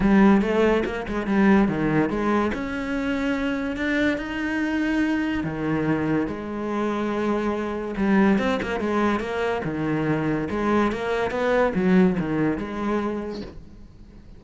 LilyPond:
\new Staff \with { instrumentName = "cello" } { \time 4/4 \tempo 4 = 143 g4 a4 ais8 gis8 g4 | dis4 gis4 cis'2~ | cis'4 d'4 dis'2~ | dis'4 dis2 gis4~ |
gis2. g4 | c'8 ais8 gis4 ais4 dis4~ | dis4 gis4 ais4 b4 | fis4 dis4 gis2 | }